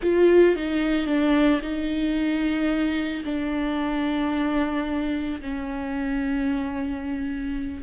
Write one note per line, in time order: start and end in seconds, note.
0.02 0.55 F4
0.55 1.06 D#4
1.06 1.60 D4
1.61 3.23 D#4
3.24 5.41 D4
5.41 7.83 C#4